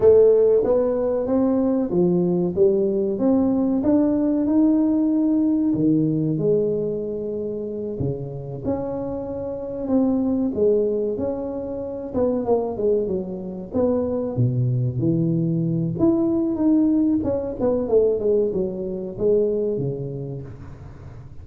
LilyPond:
\new Staff \with { instrumentName = "tuba" } { \time 4/4 \tempo 4 = 94 a4 b4 c'4 f4 | g4 c'4 d'4 dis'4~ | dis'4 dis4 gis2~ | gis8 cis4 cis'2 c'8~ |
c'8 gis4 cis'4. b8 ais8 | gis8 fis4 b4 b,4 e8~ | e4 e'4 dis'4 cis'8 b8 | a8 gis8 fis4 gis4 cis4 | }